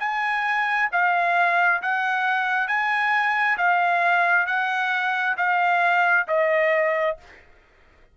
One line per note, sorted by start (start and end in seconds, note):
0.00 0.90 G#5
0.92 1.82 F5
1.82 2.68 F#5
2.68 3.57 G#5
3.58 4.47 F5
4.47 5.36 F#5
5.38 6.27 F5
6.28 7.17 D#5